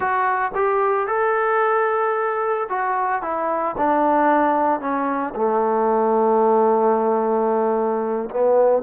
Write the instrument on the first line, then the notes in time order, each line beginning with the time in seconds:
trombone
0.00 F#4
0.55 G4
1.07 A4
2.69 F#4
3.21 E4
3.77 D4
4.80 C#4
5.35 A3
8.30 B3